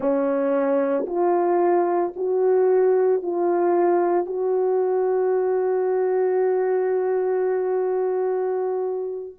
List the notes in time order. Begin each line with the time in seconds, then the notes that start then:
0.00 C#4
1.06 F4
2.15 F#4
3.22 F4
4.26 F#4